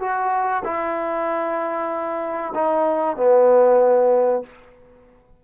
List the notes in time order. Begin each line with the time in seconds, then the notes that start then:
0.00 F#4
0.64 E4
2.54 D#4
3.16 B3